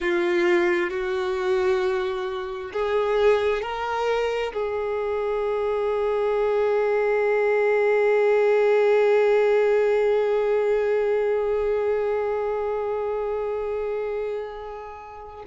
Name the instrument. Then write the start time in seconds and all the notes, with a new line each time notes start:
violin
0.00 F4
0.90 F#4
2.73 G#4
3.62 A#4
4.52 G#4